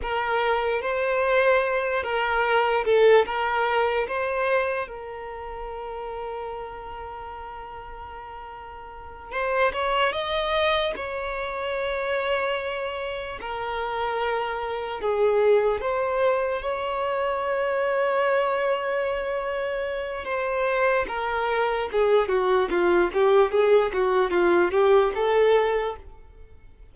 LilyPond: \new Staff \with { instrumentName = "violin" } { \time 4/4 \tempo 4 = 74 ais'4 c''4. ais'4 a'8 | ais'4 c''4 ais'2~ | ais'2.~ ais'8 c''8 | cis''8 dis''4 cis''2~ cis''8~ |
cis''8 ais'2 gis'4 c''8~ | c''8 cis''2.~ cis''8~ | cis''4 c''4 ais'4 gis'8 fis'8 | f'8 g'8 gis'8 fis'8 f'8 g'8 a'4 | }